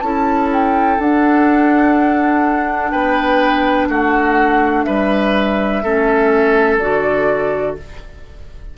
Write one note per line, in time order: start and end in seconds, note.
0.00 0.98 C#4
0.00 0.99 E4
0.00 2.91 A4
0.00 0.48 A5
0.53 1.01 G5
0.99 2.92 D4
0.99 5.83 D4
0.99 2.91 F#5
2.91 3.89 B3
2.91 3.88 B4
2.91 3.87 G5
3.89 4.85 A3
3.89 4.86 F#4
3.89 4.84 F#5
4.84 5.83 G3
4.84 5.83 B4
4.84 6.77 E5
5.83 6.80 A3
5.83 6.81 C#4
5.83 7.77 A4
6.79 7.76 D3
6.79 7.77 F#4
6.79 7.75 D5